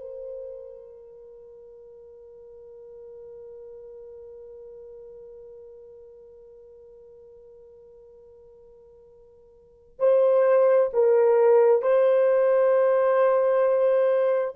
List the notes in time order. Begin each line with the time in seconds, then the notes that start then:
0.00 A#4
10.00 C5
10.93 A#4
11.83 C5